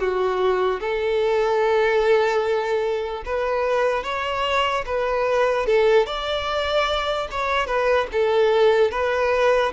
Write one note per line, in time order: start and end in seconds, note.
0.00 0.81 F#4
0.81 3.24 A4
3.26 4.04 B4
4.04 4.85 C#5
4.86 5.67 B4
5.67 6.07 A4
6.07 7.29 D5
7.32 7.67 C#5
7.67 8.07 B4
8.13 8.92 A4
8.92 9.73 B4